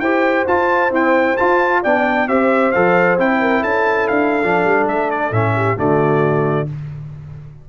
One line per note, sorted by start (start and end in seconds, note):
0.00 0.45 E4
0.00 0.48 G4
0.00 1.83 C5
0.00 0.46 G5
0.48 0.92 F4
0.48 0.91 F4
0.48 0.93 A5
0.91 1.36 C4
0.91 1.37 E4
0.91 1.37 G5
1.37 1.85 F4
1.37 1.82 A5
1.83 2.28 B3
1.83 2.28 D4
1.83 2.28 D5
1.83 2.28 G5
2.28 2.73 C4
2.28 2.74 G4
2.28 3.41 C5
2.28 2.72 E5
2.72 3.19 F3
2.72 3.19 A4
2.72 3.17 F5
3.19 3.64 C4
3.19 4.43 E4
3.19 3.64 G5
3.41 3.61 A#4
3.61 4.09 C#4
3.61 5.53 A4
3.61 4.08 A5
4.08 4.44 D4
4.08 4.87 F5
4.43 4.65 F3
4.43 5.33 D4
4.65 4.87 G3
4.87 5.31 A3
4.87 5.11 E5
5.11 5.33 D5
5.31 5.77 A2
5.31 5.77 C#4
5.31 5.78 E5
5.55 5.78 G4
5.77 6.69 D3
5.77 6.67 A3
5.77 6.68 F#4
5.77 6.69 D5